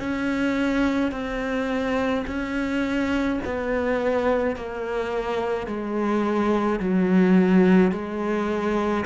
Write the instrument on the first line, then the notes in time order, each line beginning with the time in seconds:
cello
0.00 C#4
1.12 C4
2.27 C#4
3.45 B3
4.56 A#3
5.67 G#3
6.80 F#3
7.91 G#3